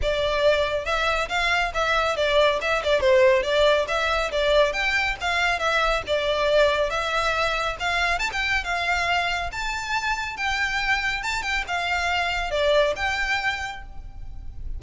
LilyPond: \new Staff \with { instrumentName = "violin" } { \time 4/4 \tempo 4 = 139 d''2 e''4 f''4 | e''4 d''4 e''8 d''8 c''4 | d''4 e''4 d''4 g''4 | f''4 e''4 d''2 |
e''2 f''4 a''16 g''8. | f''2 a''2 | g''2 a''8 g''8 f''4~ | f''4 d''4 g''2 | }